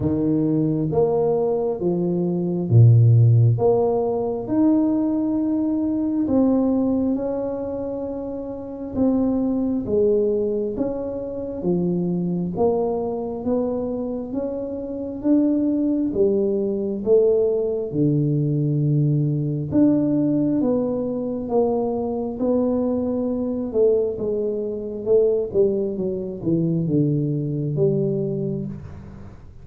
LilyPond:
\new Staff \with { instrumentName = "tuba" } { \time 4/4 \tempo 4 = 67 dis4 ais4 f4 ais,4 | ais4 dis'2 c'4 | cis'2 c'4 gis4 | cis'4 f4 ais4 b4 |
cis'4 d'4 g4 a4 | d2 d'4 b4 | ais4 b4. a8 gis4 | a8 g8 fis8 e8 d4 g4 | }